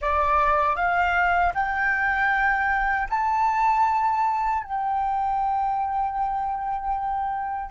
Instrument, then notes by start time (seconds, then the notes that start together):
flute
0.01 D5
0.76 F5
1.54 G5
3.10 A5
4.63 G5